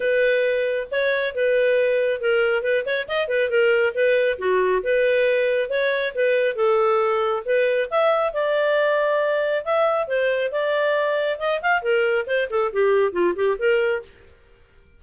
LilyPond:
\new Staff \with { instrumentName = "clarinet" } { \time 4/4 \tempo 4 = 137 b'2 cis''4 b'4~ | b'4 ais'4 b'8 cis''8 dis''8 b'8 | ais'4 b'4 fis'4 b'4~ | b'4 cis''4 b'4 a'4~ |
a'4 b'4 e''4 d''4~ | d''2 e''4 c''4 | d''2 dis''8 f''8 ais'4 | c''8 a'8 g'4 f'8 g'8 ais'4 | }